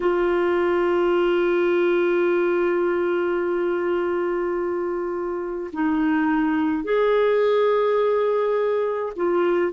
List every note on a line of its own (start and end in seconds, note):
0.00 5.70 F4
5.72 6.84 D#4
6.84 9.12 G#4
9.16 9.72 F4